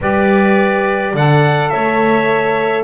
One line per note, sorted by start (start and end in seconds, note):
0.00 1.13 G3
0.00 1.15 G4
0.00 1.13 B4
0.00 1.16 D5
1.13 1.70 D3
1.13 2.84 A4
1.13 1.70 D5
1.13 1.70 F#5
1.70 2.84 A3
1.70 2.84 C#5
1.70 2.84 E5